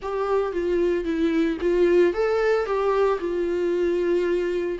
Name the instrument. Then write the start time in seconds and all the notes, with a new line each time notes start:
viola
0.02 G4
0.52 F4
1.04 E4
1.60 F4
2.13 A4
2.65 G4
3.19 F4